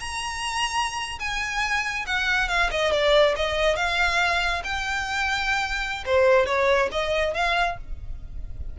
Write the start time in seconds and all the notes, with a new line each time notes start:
0.00 A#5
1.19 G#5
2.06 F#5
2.49 F5
2.71 D#5
2.92 D5
3.36 D#5
3.76 F5
4.64 G5
6.06 C5
6.46 C#5
6.92 D#5
7.34 F5